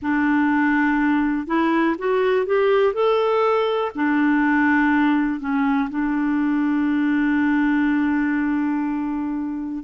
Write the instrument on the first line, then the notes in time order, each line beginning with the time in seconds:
clarinet
0.01 D4
1.46 E4
1.98 F#4
2.45 G4
2.93 A4
3.95 D4
5.40 C#4
5.90 D4